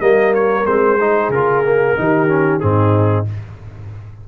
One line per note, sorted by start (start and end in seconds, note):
0.00 0.65 G3
0.00 0.65 A#3
0.00 1.00 A#4
0.00 0.33 D#5
0.35 0.66 C#5
0.66 1.29 G#3
0.66 0.98 C4
0.66 1.31 C5
1.00 1.33 D#4
1.00 1.98 G#4
1.29 1.94 C#3
1.29 1.65 F4
1.29 2.60 A#4
1.65 1.97 A#3
1.97 2.62 D#3
1.97 2.28 D#4
1.97 2.63 G4
2.28 2.61 C#4
2.60 3.28 G#2
2.60 3.26 C4
2.60 3.28 D#4
2.60 3.25 G#4